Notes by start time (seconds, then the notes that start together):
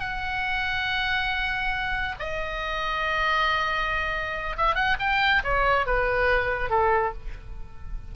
0.00 F#5
2.20 D#5
4.57 E5
4.75 F#5
5.00 G5
5.44 C#5
5.87 B4
6.70 A4